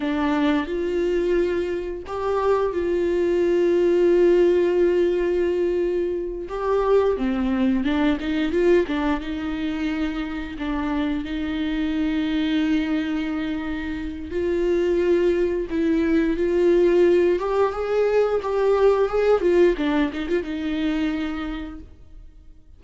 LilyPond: \new Staff \with { instrumentName = "viola" } { \time 4/4 \tempo 4 = 88 d'4 f'2 g'4 | f'1~ | f'4. g'4 c'4 d'8 | dis'8 f'8 d'8 dis'2 d'8~ |
d'8 dis'2.~ dis'8~ | dis'4 f'2 e'4 | f'4. g'8 gis'4 g'4 | gis'8 f'8 d'8 dis'16 f'16 dis'2 | }